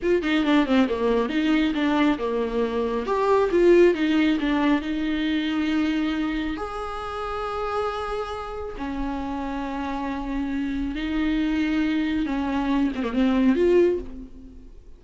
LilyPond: \new Staff \with { instrumentName = "viola" } { \time 4/4 \tempo 4 = 137 f'8 dis'8 d'8 c'8 ais4 dis'4 | d'4 ais2 g'4 | f'4 dis'4 d'4 dis'4~ | dis'2. gis'4~ |
gis'1 | cis'1~ | cis'4 dis'2. | cis'4. c'16 ais16 c'4 f'4 | }